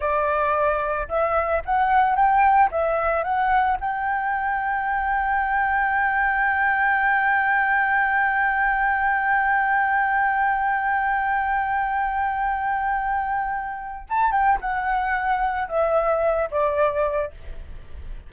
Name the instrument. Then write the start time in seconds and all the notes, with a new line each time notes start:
flute
0.00 D5
1.08 E5
1.65 F#5
2.15 G5
2.71 E5
3.23 F#5
3.80 G5
14.09 A5
14.31 G5
14.60 F#5
15.68 E5
16.50 D5